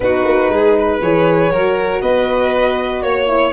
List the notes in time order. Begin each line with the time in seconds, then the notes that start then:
0.00 B3 D#4 F#4 B4
0.24 A#3
0.48 G#3 G#4
0.79 B4
1.01 E3 G#4 C#5
1.50 F#3 F#4 A#4
2.01 B3 B4 D#5
3.02 A#3 C#5
3.27 E4